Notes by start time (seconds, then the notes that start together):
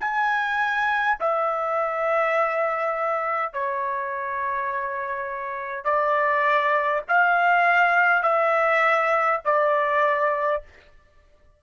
0.00 G#5
1.20 E5
3.53 C#5
5.84 D5
7.08 F5
8.22 E5
9.44 D5